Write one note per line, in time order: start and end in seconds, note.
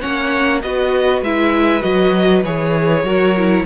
0.00 0.63 A#3
0.00 0.61 C#4
0.00 0.61 C#5
0.00 0.61 F#5
0.61 1.21 B3
0.61 1.24 F#4
0.61 3.04 B4
0.61 1.22 D#5
1.21 1.82 G#3
1.21 1.80 E4
1.21 1.81 E5
1.80 2.44 F#3
1.80 2.41 F#4
1.80 2.42 D#5
2.44 3.03 E3
2.44 3.05 G#4
2.44 3.66 C#5
3.03 3.64 F#3
3.03 3.35 F#4
3.03 3.65 A#4
3.36 3.66 E4